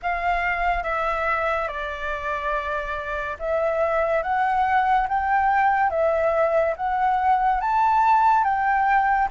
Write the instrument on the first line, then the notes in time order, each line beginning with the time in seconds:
flute
0.02 F5
0.83 E5
1.67 D5
3.39 E5
4.23 F#5
5.08 G5
5.90 E5
6.76 F#5
7.61 A5
8.44 G5